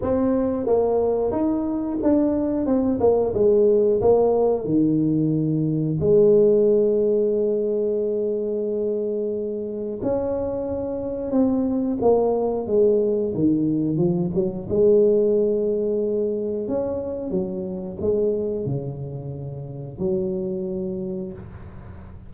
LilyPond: \new Staff \with { instrumentName = "tuba" } { \time 4/4 \tempo 4 = 90 c'4 ais4 dis'4 d'4 | c'8 ais8 gis4 ais4 dis4~ | dis4 gis2.~ | gis2. cis'4~ |
cis'4 c'4 ais4 gis4 | dis4 f8 fis8 gis2~ | gis4 cis'4 fis4 gis4 | cis2 fis2 | }